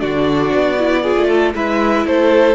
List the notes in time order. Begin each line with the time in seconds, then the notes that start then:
0.00 D3 D4 F#4 D5
0.54 B3
0.79 E4
1.02 F4 G#4
1.16 A3
1.28 A4
1.55 G#3 E4 B4 E5
2.05 A3 A4 C5